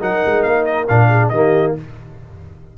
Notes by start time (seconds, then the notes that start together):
0.00 F#3 D#4 A#4 F#5
0.25 G#3
0.43 A#3 F5
0.65 D#5
0.88 A#2 D4 F5
1.09 G#4
1.29 D#3 A#3 G4 D#5